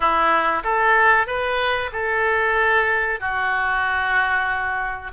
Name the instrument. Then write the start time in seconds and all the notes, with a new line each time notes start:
oboe
0.00 E4
0.63 A4
1.26 B4
1.92 A4
3.19 F#4